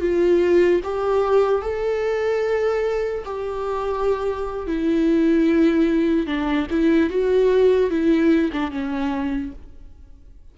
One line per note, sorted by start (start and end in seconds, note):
0.00 0.81 F4
0.84 1.62 G4
1.62 3.24 A4
3.25 4.67 G4
4.67 6.27 E4
6.27 6.67 D4
6.70 7.10 E4
7.10 7.90 F#4
7.90 8.51 E4
8.52 8.71 D4
8.71 9.52 C#4